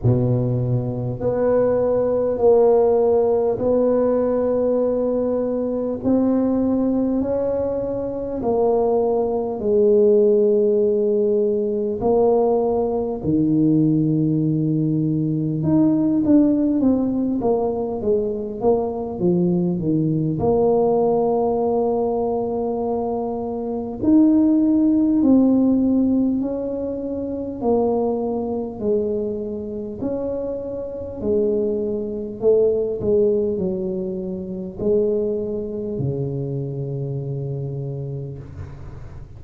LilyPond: \new Staff \with { instrumentName = "tuba" } { \time 4/4 \tempo 4 = 50 b,4 b4 ais4 b4~ | b4 c'4 cis'4 ais4 | gis2 ais4 dis4~ | dis4 dis'8 d'8 c'8 ais8 gis8 ais8 |
f8 dis8 ais2. | dis'4 c'4 cis'4 ais4 | gis4 cis'4 gis4 a8 gis8 | fis4 gis4 cis2 | }